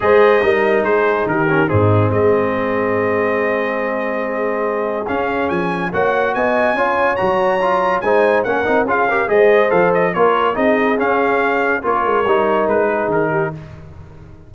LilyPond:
<<
  \new Staff \with { instrumentName = "trumpet" } { \time 4/4 \tempo 4 = 142 dis''2 c''4 ais'4 | gis'4 dis''2.~ | dis''1 | f''4 gis''4 fis''4 gis''4~ |
gis''4 ais''2 gis''4 | fis''4 f''4 dis''4 f''8 dis''8 | cis''4 dis''4 f''2 | cis''2 b'4 ais'4 | }
  \new Staff \with { instrumentName = "horn" } { \time 4/4 c''4 ais'4 gis'4 g'4 | dis'4 gis'2.~ | gis'1~ | gis'2 cis''4 dis''4 |
cis''2. c''4 | ais'4 gis'8 ais'8 c''2 | ais'4 gis'2. | ais'2~ ais'8 gis'4 g'8 | }
  \new Staff \with { instrumentName = "trombone" } { \time 4/4 gis'4 dis'2~ dis'8 cis'8 | c'1~ | c'1 | cis'2 fis'2 |
f'4 fis'4 f'4 dis'4 | cis'8 dis'8 f'8 g'8 gis'4 a'4 | f'4 dis'4 cis'2 | f'4 dis'2. | }
  \new Staff \with { instrumentName = "tuba" } { \time 4/4 gis4 g4 gis4 dis4 | gis,4 gis2.~ | gis1 | cis'4 f4 ais4 b4 |
cis'4 fis2 gis4 | ais8 c'8 cis'4 gis4 f4 | ais4 c'4 cis'2 | ais8 gis8 g4 gis4 dis4 | }
>>